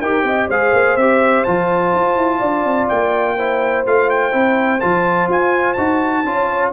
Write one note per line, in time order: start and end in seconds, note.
0.00 0.23 D#4
0.00 0.51 G4
0.00 0.25 A#4
0.00 0.48 G5
0.23 0.47 C4
0.23 0.48 D#5
0.48 0.72 G#3
0.48 0.99 G#4
0.48 2.39 C5
0.48 0.96 F5
0.72 0.96 A#3
0.96 1.44 C4
0.96 1.46 G4
0.96 1.44 E5
1.44 1.93 F3
1.44 3.38 F4
1.44 2.88 A5
1.93 2.16 F4
2.16 2.40 E4
2.39 2.64 D4
2.39 3.35 D5
2.64 2.88 C4
2.88 3.86 A#3
2.88 3.84 G5
3.36 3.86 E4
3.36 6.24 C5
3.86 4.33 A3
3.86 4.31 F4
3.86 4.09 F5
4.09 4.80 G5
4.31 4.81 C4
4.31 4.79 E4
4.80 5.28 F3
4.80 5.76 F4
4.80 5.28 A5
5.28 5.76 F4
5.28 5.73 G#5
5.73 6.24 D#4
5.73 6.25 F#4
5.73 6.69 A5
6.24 6.72 C#4
6.24 6.72 F4
6.24 6.72 C#5